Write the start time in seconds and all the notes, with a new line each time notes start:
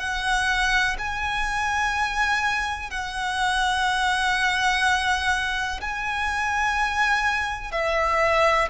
0.00 F#5
0.99 G#5
2.91 F#5
5.81 G#5
7.72 E5